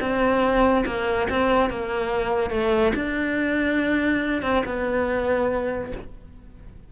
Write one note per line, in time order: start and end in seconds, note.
0.00 0.85 C4
0.86 1.28 A#3
1.29 1.70 C4
1.70 2.50 A#3
2.50 2.93 A3
2.95 4.42 D4
4.42 4.63 C4
4.65 5.92 B3